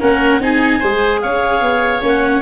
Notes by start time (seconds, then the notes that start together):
0.00 A#3 C#4 A#4 F#5
0.39 C4 D#4 G#4 G#5
0.80 G#3 G#4 C5
1.21 C#4 C#5 F5
1.61 B3
2.02 A#3 C#4 F#5